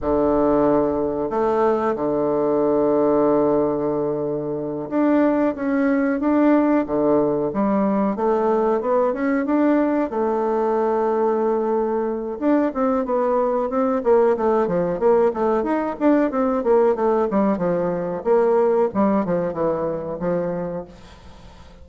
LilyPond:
\new Staff \with { instrumentName = "bassoon" } { \time 4/4 \tempo 4 = 92 d2 a4 d4~ | d2.~ d8 d'8~ | d'8 cis'4 d'4 d4 g8~ | g8 a4 b8 cis'8 d'4 a8~ |
a2. d'8 c'8 | b4 c'8 ais8 a8 f8 ais8 a8 | dis'8 d'8 c'8 ais8 a8 g8 f4 | ais4 g8 f8 e4 f4 | }